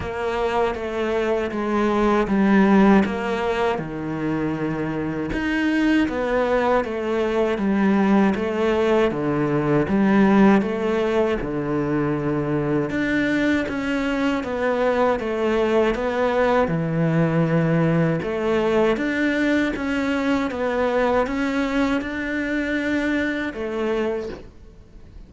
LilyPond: \new Staff \with { instrumentName = "cello" } { \time 4/4 \tempo 4 = 79 ais4 a4 gis4 g4 | ais4 dis2 dis'4 | b4 a4 g4 a4 | d4 g4 a4 d4~ |
d4 d'4 cis'4 b4 | a4 b4 e2 | a4 d'4 cis'4 b4 | cis'4 d'2 a4 | }